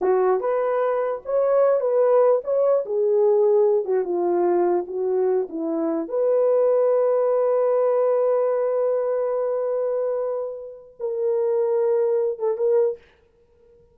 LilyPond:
\new Staff \with { instrumentName = "horn" } { \time 4/4 \tempo 4 = 148 fis'4 b'2 cis''4~ | cis''8 b'4. cis''4 gis'4~ | gis'4. fis'8 f'2 | fis'4. e'4. b'4~ |
b'1~ | b'1~ | b'2. ais'4~ | ais'2~ ais'8 a'8 ais'4 | }